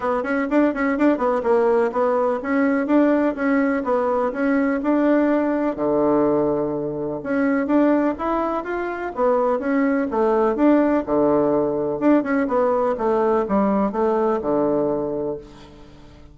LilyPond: \new Staff \with { instrumentName = "bassoon" } { \time 4/4 \tempo 4 = 125 b8 cis'8 d'8 cis'8 d'8 b8 ais4 | b4 cis'4 d'4 cis'4 | b4 cis'4 d'2 | d2. cis'4 |
d'4 e'4 f'4 b4 | cis'4 a4 d'4 d4~ | d4 d'8 cis'8 b4 a4 | g4 a4 d2 | }